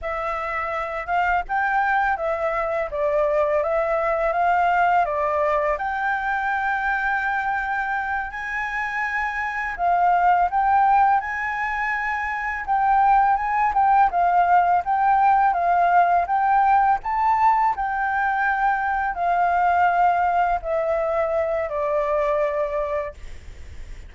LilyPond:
\new Staff \with { instrumentName = "flute" } { \time 4/4 \tempo 4 = 83 e''4. f''8 g''4 e''4 | d''4 e''4 f''4 d''4 | g''2.~ g''8 gis''8~ | gis''4. f''4 g''4 gis''8~ |
gis''4. g''4 gis''8 g''8 f''8~ | f''8 g''4 f''4 g''4 a''8~ | a''8 g''2 f''4.~ | f''8 e''4. d''2 | }